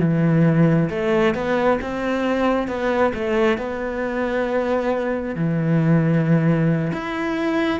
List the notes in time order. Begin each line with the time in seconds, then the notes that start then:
0.00 E3
0.90 A3
1.34 B3
1.82 C4
2.68 B3
3.14 A3
3.58 B3
5.35 E3
6.93 E4